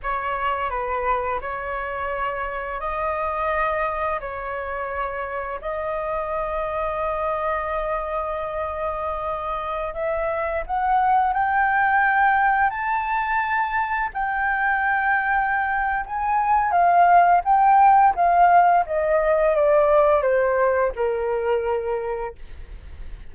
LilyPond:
\new Staff \with { instrumentName = "flute" } { \time 4/4 \tempo 4 = 86 cis''4 b'4 cis''2 | dis''2 cis''2 | dis''1~ | dis''2~ dis''16 e''4 fis''8.~ |
fis''16 g''2 a''4.~ a''16~ | a''16 g''2~ g''8. gis''4 | f''4 g''4 f''4 dis''4 | d''4 c''4 ais'2 | }